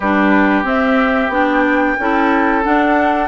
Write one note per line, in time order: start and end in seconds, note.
0.00 0.64 G3
0.00 0.64 D4
0.00 1.97 G4
0.00 0.64 B4
0.64 1.28 C4
0.64 1.30 C4
0.64 1.32 E5
1.28 1.94 B3
1.28 1.97 D4
1.28 2.63 G5
1.99 2.65 C#4
1.99 2.63 E4
1.99 3.28 A4
2.63 3.28 D4
2.63 3.28 F#5